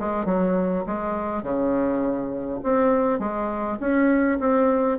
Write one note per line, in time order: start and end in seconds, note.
0.00 0.26 G#3
0.26 0.84 F#3
0.87 1.43 G#3
1.43 2.61 C#3
2.64 3.20 C4
3.20 3.78 G#3
3.80 4.39 C#4
4.40 4.99 C4